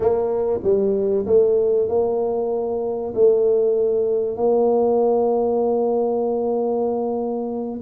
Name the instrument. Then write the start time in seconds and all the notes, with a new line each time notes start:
tuba
0.00 A#3
0.63 G3
1.26 A3
1.88 A#3
3.14 A3
4.37 A#3